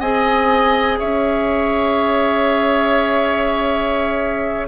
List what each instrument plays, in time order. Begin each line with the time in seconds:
0.00 bassoon C4, clarinet G#4, oboe D#5, flute G#5
0.99 bassoon C#4, oboe C#5, flute E5